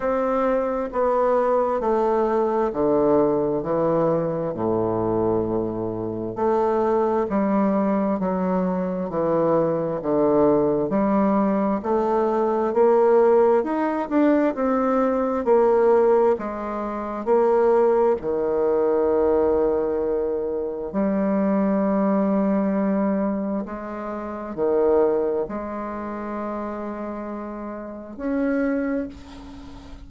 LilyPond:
\new Staff \with { instrumentName = "bassoon" } { \time 4/4 \tempo 4 = 66 c'4 b4 a4 d4 | e4 a,2 a4 | g4 fis4 e4 d4 | g4 a4 ais4 dis'8 d'8 |
c'4 ais4 gis4 ais4 | dis2. g4~ | g2 gis4 dis4 | gis2. cis'4 | }